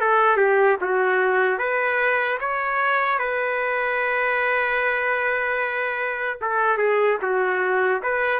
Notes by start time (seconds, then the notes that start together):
0.00 A4
0.36 G4
0.81 F#4
1.58 B4
2.40 C#5
3.19 B4
6.41 A4
6.77 G#4
7.21 F#4
8.02 B4